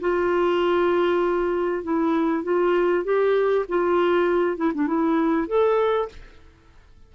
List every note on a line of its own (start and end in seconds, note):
0.00 1.83 F4
1.83 2.44 E4
2.44 3.04 F4
3.04 3.66 G4
3.69 4.57 F4
4.57 4.72 E4
4.74 4.87 D4
4.87 5.47 E4
5.47 6.09 A4